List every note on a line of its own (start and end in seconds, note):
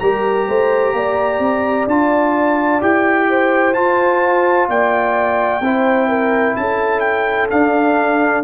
0.00 0.48 G3
0.00 1.90 G4
0.00 0.48 A#4
0.00 1.88 A#5
0.48 0.94 A3
0.48 0.95 C5
0.94 1.39 A#3
0.94 3.30 D5
1.39 1.86 C4
1.88 2.81 D4
1.88 2.81 F4
1.88 2.83 A5
2.81 3.76 E4
2.81 3.75 G4
2.81 3.74 G5
3.30 4.70 C5
3.74 5.62 F4
3.74 4.69 F4
3.74 4.68 A5
4.69 5.61 A#3
4.69 5.64 D5
4.69 6.57 G5
5.61 6.55 C4
5.61 7.51 E4
5.61 6.09 C5
6.09 6.55 A#4
6.57 7.51 C#4
6.57 8.44 A4
6.57 7.01 A5
7.01 7.48 G5
7.51 8.44 D4
7.51 8.44 F5